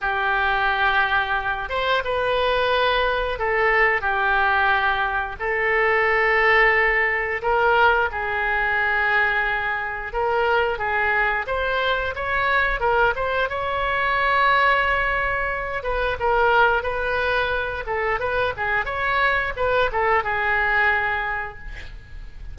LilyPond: \new Staff \with { instrumentName = "oboe" } { \time 4/4 \tempo 4 = 89 g'2~ g'8 c''8 b'4~ | b'4 a'4 g'2 | a'2. ais'4 | gis'2. ais'4 |
gis'4 c''4 cis''4 ais'8 c''8 | cis''2.~ cis''8 b'8 | ais'4 b'4. a'8 b'8 gis'8 | cis''4 b'8 a'8 gis'2 | }